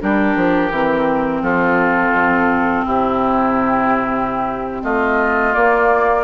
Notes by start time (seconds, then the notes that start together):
0.00 G3 D4 G4 A#4
0.36 F3
0.71 E3 C4
1.42 F3 F4 A4
2.12 F2
2.85 C3 E4 G4
4.83 A3 F4 D#5
5.53 A#3 D5